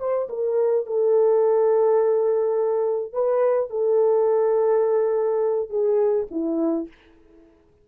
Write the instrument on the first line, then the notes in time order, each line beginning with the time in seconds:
horn
0.00 C5
0.30 A#4
0.87 A4
3.13 B4
3.71 A4
5.70 G#4
6.31 E4